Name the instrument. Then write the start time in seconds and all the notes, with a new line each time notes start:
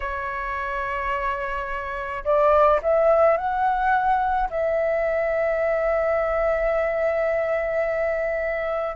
flute
0.00 C#5
2.24 D5
2.82 E5
3.37 F#5
4.50 E5